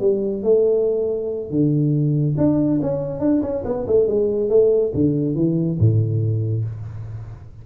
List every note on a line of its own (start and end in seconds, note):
0.00 0.43 G3
0.43 1.50 A3
1.50 2.36 D3
2.37 2.80 D4
2.82 3.20 C#4
3.20 3.41 D4
3.42 3.63 C#4
3.64 3.86 B3
3.87 4.07 A3
4.07 4.49 G#3
4.49 4.92 A3
4.94 5.35 D3
5.35 5.78 E3
5.79 6.65 A2